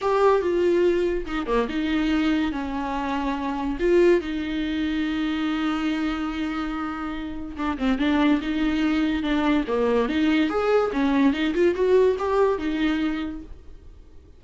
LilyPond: \new Staff \with { instrumentName = "viola" } { \time 4/4 \tempo 4 = 143 g'4 f'2 dis'8 ais8 | dis'2 cis'2~ | cis'4 f'4 dis'2~ | dis'1~ |
dis'2 d'8 c'8 d'4 | dis'2 d'4 ais4 | dis'4 gis'4 cis'4 dis'8 f'8 | fis'4 g'4 dis'2 | }